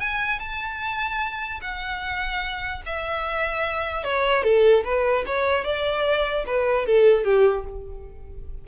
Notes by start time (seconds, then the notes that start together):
0.00 G#5
0.39 A5
1.61 F#5
2.86 E5
4.04 C#5
4.43 A4
4.84 B4
5.26 C#5
5.64 D5
6.46 B4
6.86 A4
7.24 G4